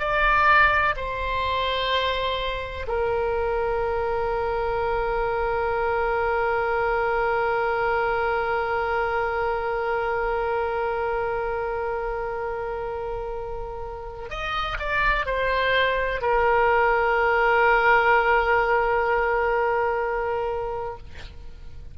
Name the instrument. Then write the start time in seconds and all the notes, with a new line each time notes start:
oboe
0.00 D5
0.97 C5
2.88 A#4
14.30 D#5
14.79 D5
15.26 C5
16.22 A#4